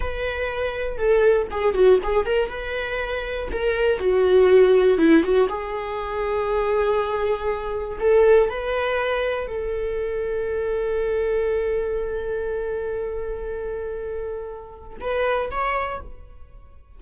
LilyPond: \new Staff \with { instrumentName = "viola" } { \time 4/4 \tempo 4 = 120 b'2 a'4 gis'8 fis'8 | gis'8 ais'8 b'2 ais'4 | fis'2 e'8 fis'8 gis'4~ | gis'1 |
a'4 b'2 a'4~ | a'1~ | a'1~ | a'2 b'4 cis''4 | }